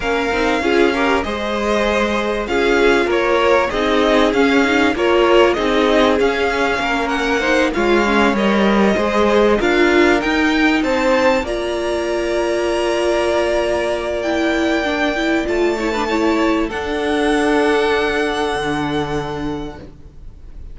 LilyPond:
<<
  \new Staff \with { instrumentName = "violin" } { \time 4/4 \tempo 4 = 97 f''2 dis''2 | f''4 cis''4 dis''4 f''4 | cis''4 dis''4 f''4. fis''8~ | fis''8 f''4 dis''2 f''8~ |
f''8 g''4 a''4 ais''4.~ | ais''2. g''4~ | g''4 a''2 fis''4~ | fis''1 | }
  \new Staff \with { instrumentName = "violin" } { \time 4/4 ais'4 gis'8 ais'8 c''2 | gis'4 ais'4 gis'2 | ais'4 gis'2 ais'4 | c''8 cis''2 c''4 ais'8~ |
ais'4. c''4 d''4.~ | d''1~ | d''4. cis''16 b'16 cis''4 a'4~ | a'1 | }
  \new Staff \with { instrumentName = "viola" } { \time 4/4 cis'8 dis'8 f'8 g'8 gis'2 | f'2 dis'4 cis'8 dis'8 | f'4 dis'4 cis'2 | dis'8 f'8 cis'8 ais'4 gis'4 f'8~ |
f'8 dis'2 f'4.~ | f'2. e'4 | d'8 e'8 f'8 e'16 d'16 e'4 d'4~ | d'1 | }
  \new Staff \with { instrumentName = "cello" } { \time 4/4 ais8 c'8 cis'4 gis2 | cis'4 ais4 c'4 cis'4 | ais4 c'4 cis'4 ais4~ | ais8 gis4 g4 gis4 d'8~ |
d'8 dis'4 c'4 ais4.~ | ais1~ | ais4 a2 d'4~ | d'2 d2 | }
>>